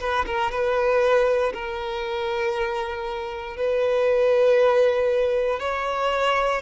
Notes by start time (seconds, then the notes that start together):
0.00 B4
0.26 A#4
0.51 B4
1.54 A#4
3.57 B4
5.60 C#5